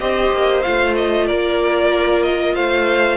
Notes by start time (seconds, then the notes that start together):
0.00 C4 G4 C5 D#5
0.33 A#3
0.63 A3 F4 F5
0.96 D#5
1.26 A#3 A#4 D5
2.24 D#5
2.55 A3 C5 F5